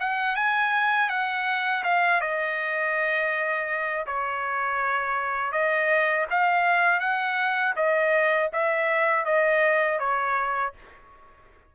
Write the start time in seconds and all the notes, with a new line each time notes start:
0.00 F#5
0.36 G#5
1.09 F#5
1.84 F5
2.21 D#5
4.06 C#5
5.52 D#5
6.30 F5
7.00 F#5
7.76 D#5
8.53 E5
9.25 D#5
9.99 C#5